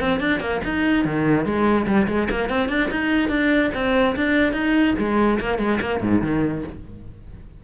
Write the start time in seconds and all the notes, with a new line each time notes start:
0.00 C4
0.20 D4
0.40 A#3
0.64 D#4
1.05 D#3
1.45 G#3
1.87 G3
2.07 G#3
2.30 A#3
2.49 C4
2.69 D4
2.91 D#4
3.29 D4
3.74 C4
4.16 D4
4.53 D#4
4.98 G#3
5.40 A#3
5.58 G#3
5.81 A#3
6.01 G#2
6.22 D#3